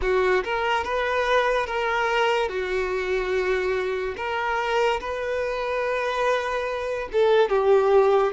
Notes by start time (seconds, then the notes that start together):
0.02 F#4
0.44 A#4
0.83 B4
1.66 A#4
2.48 F#4
4.16 A#4
5.00 B4
7.12 A4
7.48 G4